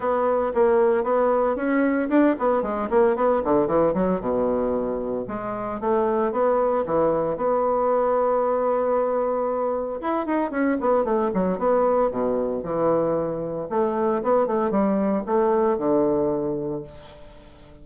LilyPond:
\new Staff \with { instrumentName = "bassoon" } { \time 4/4 \tempo 4 = 114 b4 ais4 b4 cis'4 | d'8 b8 gis8 ais8 b8 d8 e8 fis8 | b,2 gis4 a4 | b4 e4 b2~ |
b2. e'8 dis'8 | cis'8 b8 a8 fis8 b4 b,4 | e2 a4 b8 a8 | g4 a4 d2 | }